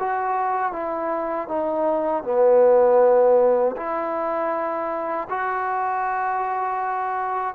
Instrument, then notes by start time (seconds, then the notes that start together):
trombone
0.00 F#4
0.73 E4
1.48 D#4
2.24 B3
3.77 E4
5.30 F#4